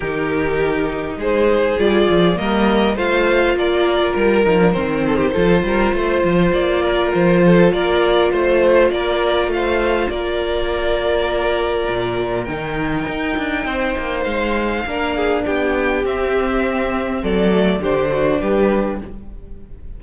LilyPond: <<
  \new Staff \with { instrumentName = "violin" } { \time 4/4 \tempo 4 = 101 ais'2 c''4 d''4 | dis''4 f''4 d''4 ais'4 | c''2. d''4 | c''4 d''4 c''4 d''4 |
f''4 d''2.~ | d''4 g''2. | f''2 g''4 e''4~ | e''4 d''4 c''4 b'4 | }
  \new Staff \with { instrumentName = "violin" } { \time 4/4 g'2 gis'2 | ais'4 c''4 ais'2~ | ais'8 a'16 g'16 a'8 ais'8 c''4. ais'8~ | ais'8 a'8 ais'4 c''4 ais'4 |
c''4 ais'2.~ | ais'2. c''4~ | c''4 ais'8 gis'8 g'2~ | g'4 a'4 g'8 fis'8 g'4 | }
  \new Staff \with { instrumentName = "viola" } { \time 4/4 dis'2. f'4 | ais4 f'2~ f'8 dis'16 d'16 | c'4 f'2.~ | f'1~ |
f'1~ | f'4 dis'2.~ | dis'4 d'2 c'4~ | c'4. a8 d'2 | }
  \new Staff \with { instrumentName = "cello" } { \time 4/4 dis2 gis4 g8 f8 | g4 a4 ais4 g8 f8 | dis4 f8 g8 a8 f8 ais4 | f4 ais4 a4 ais4 |
a4 ais2. | ais,4 dis4 dis'8 d'8 c'8 ais8 | gis4 ais4 b4 c'4~ | c'4 fis4 d4 g4 | }
>>